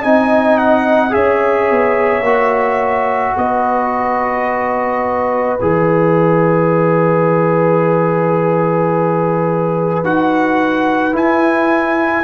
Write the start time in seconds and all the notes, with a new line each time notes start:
0.00 C4 D#4 D#5 G#5
0.58 F#5
1.10 C#4 G#4 C#5 E5
1.70 B3
2.21 A#3 F#4
3.37 B3 B4 D#5
5.60 E3 G#4 E5
10.04 D#4 F#4 F#5
11.13 E4 G#5